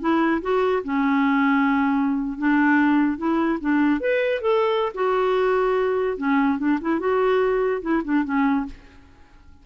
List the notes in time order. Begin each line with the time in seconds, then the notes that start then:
0.00 E4
0.41 F#4
0.84 C#4
2.38 D4
3.18 E4
3.60 D4
4.00 B4
4.41 A4
4.94 F#4
6.17 C#4
6.58 D4
6.81 E4
6.99 F#4
7.82 E4
8.04 D4
8.24 C#4